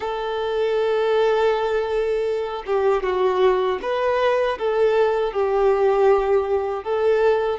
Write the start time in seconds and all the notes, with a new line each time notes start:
0.00 A4
2.66 G4
3.03 F#4
3.81 B4
4.58 A4
5.33 G4
6.84 A4